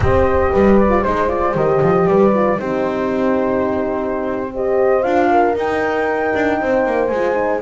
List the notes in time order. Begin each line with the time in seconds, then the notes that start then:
0.00 C4 G4 C5 D#5
0.51 G3 B4
0.79 D5
0.89 F4
1.01 G#3 D#4 C5
1.27 F4 D5
1.54 D#3 G4 D#5
1.81 F3
2.07 G3 B4 D5
2.34 F4
2.57 C4 D#4 G4 C5
4.54 G4 C5 D#5
5.02 D4 F4 F5
5.30 A#4
5.55 D#4 G5
6.34 D4
6.60 C4 C5
6.86 A#3
7.07 G#3 G#5
7.15 F4
7.34 D#4